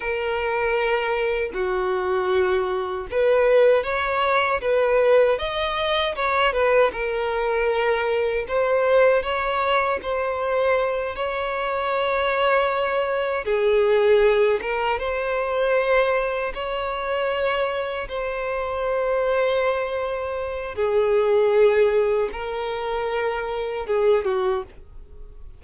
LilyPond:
\new Staff \with { instrumentName = "violin" } { \time 4/4 \tempo 4 = 78 ais'2 fis'2 | b'4 cis''4 b'4 dis''4 | cis''8 b'8 ais'2 c''4 | cis''4 c''4. cis''4.~ |
cis''4. gis'4. ais'8 c''8~ | c''4. cis''2 c''8~ | c''2. gis'4~ | gis'4 ais'2 gis'8 fis'8 | }